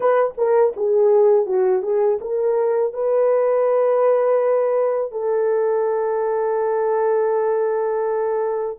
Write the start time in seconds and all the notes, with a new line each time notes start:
0.00 B4
0.37 A#4
0.76 G#4
1.46 F#4
1.82 G#4
2.21 A#4
2.93 B4
5.11 A4